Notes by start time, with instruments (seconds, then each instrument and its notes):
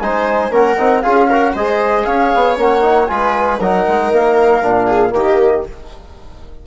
0.00 bassoon G#3, trombone D#4, viola C5, flute G#5
0.50 bassoon A#3, trombone C#4, viola A#4, flute F#5
0.78 bassoon C4, trombone D#4
1.02 bassoon C#4, trombone F4, viola G#4, flute F5
1.30 trombone F#4, viola A#4
1.54 bassoon G#3, trombone G#4, viola C5, flute D#5
2.06 bassoon C#4, viola C#5, flute F5
2.35 bassoon B3
2.57 bassoon A#3, trombone C#4, flute F#5
2.82 trombone D#4
3.07 bassoon G#3, trombone F4, viola B4, flute G#5
3.60 bassoon F#3, trombone D#4, viola A#4, flute F#5
3.88 bassoon G#3
4.12 bassoon A#3, flute F5
4.63 bassoon A#2, trombone D4
4.86 viola G#4
5.10 bassoon D#3, trombone A#3, viola G4, flute D#5